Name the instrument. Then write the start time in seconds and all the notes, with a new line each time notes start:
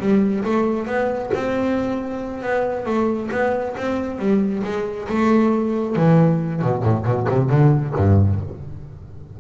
double bass
0.00 G3
0.45 A3
0.87 B3
1.34 C4
2.42 B3
2.86 A3
3.32 B3
3.77 C4
4.19 G3
4.64 G#3
5.09 A3
5.96 E3
6.62 B2
6.84 A2
7.06 B2
7.29 C3
7.50 D3
7.96 G2